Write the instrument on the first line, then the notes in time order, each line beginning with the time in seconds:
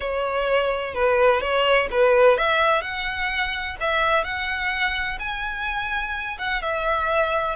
violin
0.00 C#5
0.94 B4
1.40 C#5
1.91 B4
2.37 E5
2.81 F#5
3.80 E5
4.23 F#5
5.19 G#5
6.38 F#5
6.62 E5